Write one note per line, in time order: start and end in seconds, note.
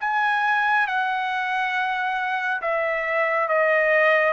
0.00 0.87 G#5
0.87 2.61 F#5
2.61 3.48 E5
3.48 4.33 D#5